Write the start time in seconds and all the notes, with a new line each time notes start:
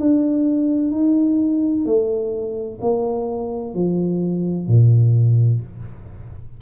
0.00 D4
0.92 D#4
1.86 A3
2.81 A#3
3.75 F3
4.68 A#2